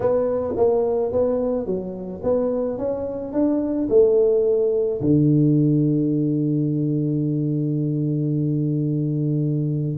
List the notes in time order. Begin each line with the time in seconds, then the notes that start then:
0.00 B3
0.56 A#3
1.12 B3
1.65 F#3
2.23 B3
2.78 C#4
3.33 D4
3.89 A3
5.01 D3